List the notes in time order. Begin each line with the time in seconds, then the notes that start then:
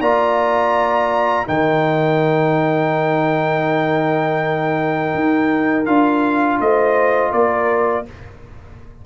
0.00 A#3 F4 D5 A#5
1.46 D#3 D#4 A#4 G5
5.15 D#4
5.86 D4 F4 F5
6.60 A3 C5 D#5
7.31 A#3 A#4 D5